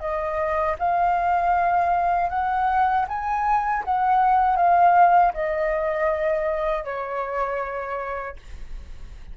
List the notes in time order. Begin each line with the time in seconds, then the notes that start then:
0.00 D#5
0.79 F5
2.30 F#5
3.08 G#5
3.85 F#5
4.57 F5
5.34 D#5
6.85 C#5